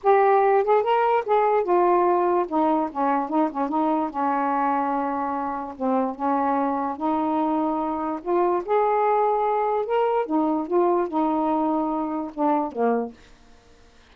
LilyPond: \new Staff \with { instrumentName = "saxophone" } { \time 4/4 \tempo 4 = 146 g'4. gis'8 ais'4 gis'4 | f'2 dis'4 cis'4 | dis'8 cis'8 dis'4 cis'2~ | cis'2 c'4 cis'4~ |
cis'4 dis'2. | f'4 gis'2. | ais'4 dis'4 f'4 dis'4~ | dis'2 d'4 ais4 | }